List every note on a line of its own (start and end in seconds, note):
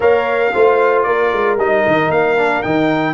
0.00 0.51 A#3
0.00 0.53 A#4
0.00 0.51 C#5
0.00 1.02 F5
0.53 1.06 A3
0.53 1.58 F4
0.53 1.06 C5
1.02 1.32 A#3
1.02 3.14 A#4
1.02 1.55 D5
1.32 1.57 G#3
1.57 1.83 G3
1.57 2.37 D#4
1.57 2.11 D#5
1.86 2.09 D#3
2.09 2.62 A#3
2.09 2.62 F5
2.37 2.63 D4
2.62 3.14 D#3
2.62 3.14 D#4
2.62 3.14 G5